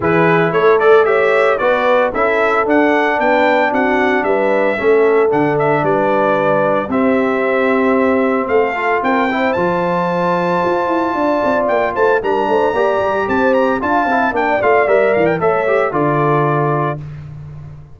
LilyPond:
<<
  \new Staff \with { instrumentName = "trumpet" } { \time 4/4 \tempo 4 = 113 b'4 cis''8 d''8 e''4 d''4 | e''4 fis''4 g''4 fis''4 | e''2 fis''8 e''8 d''4~ | d''4 e''2. |
f''4 g''4 a''2~ | a''2 g''8 a''8 ais''4~ | ais''4 a''8 ais''8 a''4 g''8 f''8 | e''8 f''16 g''16 e''4 d''2 | }
  \new Staff \with { instrumentName = "horn" } { \time 4/4 gis'4 a'4 cis''4 b'4 | a'2 b'4 fis'4 | b'4 a'2 b'4~ | b'4 g'2. |
a'4 ais'8 c''2~ c''8~ | c''4 d''4. c''8 ais'8 c''8 | d''4 c''4 f''4 d''4~ | d''4 cis''4 a'2 | }
  \new Staff \with { instrumentName = "trombone" } { \time 4/4 e'4. a'8 g'4 fis'4 | e'4 d'2.~ | d'4 cis'4 d'2~ | d'4 c'2.~ |
c'8 f'4 e'8 f'2~ | f'2. d'4 | g'2 f'8 e'8 d'8 f'8 | ais'4 a'8 g'8 f'2 | }
  \new Staff \with { instrumentName = "tuba" } { \time 4/4 e4 a2 b4 | cis'4 d'4 b4 c'4 | g4 a4 d4 g4~ | g4 c'2. |
a4 c'4 f2 | f'8 e'8 d'8 c'8 ais8 a8 g8 a8 | ais8 g8 c'4 d'8 c'8 ais8 a8 | g8 e8 a4 d2 | }
>>